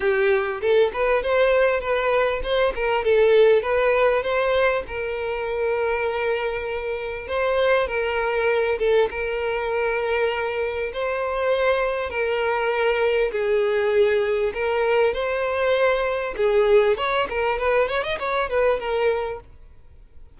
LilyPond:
\new Staff \with { instrumentName = "violin" } { \time 4/4 \tempo 4 = 99 g'4 a'8 b'8 c''4 b'4 | c''8 ais'8 a'4 b'4 c''4 | ais'1 | c''4 ais'4. a'8 ais'4~ |
ais'2 c''2 | ais'2 gis'2 | ais'4 c''2 gis'4 | cis''8 ais'8 b'8 cis''16 dis''16 cis''8 b'8 ais'4 | }